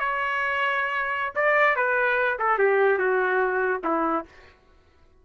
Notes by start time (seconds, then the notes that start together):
0.00 C#5
1.36 D5
1.76 B4
2.39 A4
2.59 G4
2.99 F#4
3.85 E4